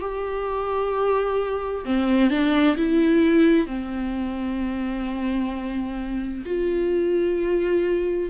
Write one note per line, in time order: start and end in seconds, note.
0.00 1.85 G4
1.85 2.30 C4
2.30 2.76 D4
2.77 3.67 E4
3.67 6.44 C4
6.45 8.30 F4